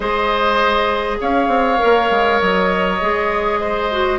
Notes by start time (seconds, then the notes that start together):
0.00 G#3 G#4 C5 D#5
1.20 C#4 C#5 F5
1.48 C4
1.78 A#3 A#4
2.10 G#3
2.40 F#3 D#5
3.00 G#3 G#4
3.60 C5
3.91 F#4